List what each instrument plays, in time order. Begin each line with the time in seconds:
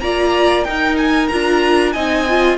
0.00 cello A#3, viola F4, violin D5 A#5
0.64 cello D#4, viola D#4, violin A#4 G5
0.97 violin G#5
1.28 cello D4, viola F4, violin A#5
1.92 cello C4, viola D#4, violin D#5 G#5
2.29 viola F4